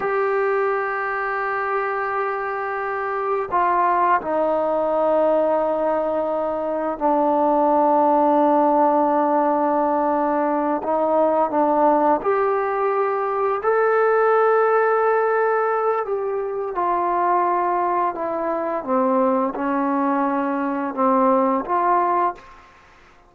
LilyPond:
\new Staff \with { instrumentName = "trombone" } { \time 4/4 \tempo 4 = 86 g'1~ | g'4 f'4 dis'2~ | dis'2 d'2~ | d'2.~ d'8 dis'8~ |
dis'8 d'4 g'2 a'8~ | a'2. g'4 | f'2 e'4 c'4 | cis'2 c'4 f'4 | }